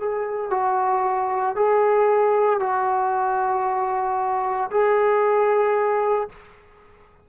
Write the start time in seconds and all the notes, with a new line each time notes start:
0.00 G#4
0.50 F#4
1.56 G#4
2.60 F#4
4.71 G#4